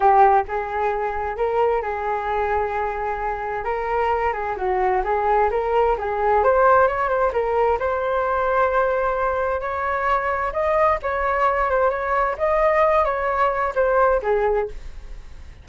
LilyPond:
\new Staff \with { instrumentName = "flute" } { \time 4/4 \tempo 4 = 131 g'4 gis'2 ais'4 | gis'1 | ais'4. gis'8 fis'4 gis'4 | ais'4 gis'4 c''4 cis''8 c''8 |
ais'4 c''2.~ | c''4 cis''2 dis''4 | cis''4. c''8 cis''4 dis''4~ | dis''8 cis''4. c''4 gis'4 | }